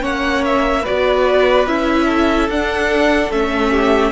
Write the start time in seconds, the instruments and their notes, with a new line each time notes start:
0.00 cello A#3, viola C#4, violin C#5 F#5
0.44 violin E5
0.82 viola F#4, violin B4 D5
0.89 cello B3
1.66 cello C#4, viola E4, violin E5
2.05 violin A4
2.48 cello D4, viola D4, violin F#5
3.30 cello A3, viola C#4, violin E5
3.71 violin G4